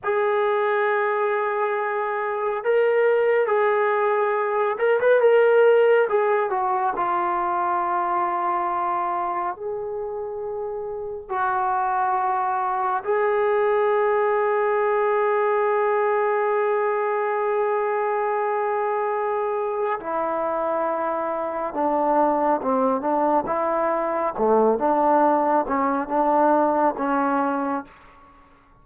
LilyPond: \new Staff \with { instrumentName = "trombone" } { \time 4/4 \tempo 4 = 69 gis'2. ais'4 | gis'4. ais'16 b'16 ais'4 gis'8 fis'8 | f'2. gis'4~ | gis'4 fis'2 gis'4~ |
gis'1~ | gis'2. e'4~ | e'4 d'4 c'8 d'8 e'4 | a8 d'4 cis'8 d'4 cis'4 | }